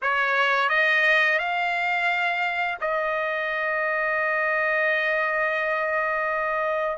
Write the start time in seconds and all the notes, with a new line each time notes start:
0.02 C#5
0.68 D#5
1.38 F5
2.80 D#5